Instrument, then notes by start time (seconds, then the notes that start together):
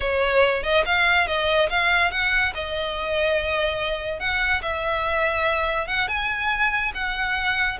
violin
0.00 C#5
0.63 D#5
0.85 F5
1.27 D#5
1.69 F5
2.11 F#5
2.54 D#5
4.19 F#5
4.62 E5
5.87 F#5
6.08 G#5
6.94 F#5